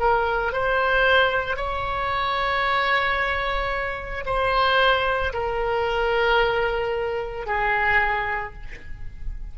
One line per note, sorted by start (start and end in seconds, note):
0.00 0.53 A#4
0.53 1.57 C5
1.57 4.25 C#5
4.26 5.33 C5
5.34 7.47 A#4
7.47 8.54 G#4